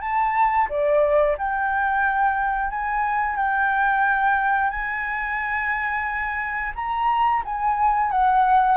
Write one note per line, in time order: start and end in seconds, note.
0.00 0.67 A5
0.69 1.36 D5
1.37 2.70 G5
2.70 3.36 G#5
3.36 4.70 G5
4.70 6.72 G#5
6.75 7.42 A#5
7.45 8.11 G#5
8.11 8.77 F#5